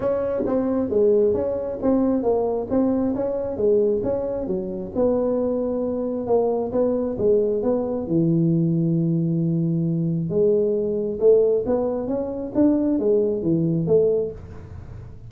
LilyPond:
\new Staff \with { instrumentName = "tuba" } { \time 4/4 \tempo 4 = 134 cis'4 c'4 gis4 cis'4 | c'4 ais4 c'4 cis'4 | gis4 cis'4 fis4 b4~ | b2 ais4 b4 |
gis4 b4 e2~ | e2. gis4~ | gis4 a4 b4 cis'4 | d'4 gis4 e4 a4 | }